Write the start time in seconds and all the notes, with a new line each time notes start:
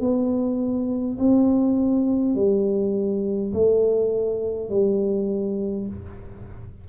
0.00 B3
1.18 C4
2.35 G3
3.53 A3
4.70 G3